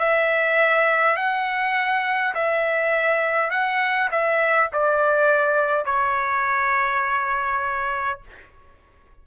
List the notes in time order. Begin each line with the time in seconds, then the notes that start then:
0.00 E5
1.17 F#5
2.35 E5
3.51 F#5
4.12 E5
4.73 D5
5.86 C#5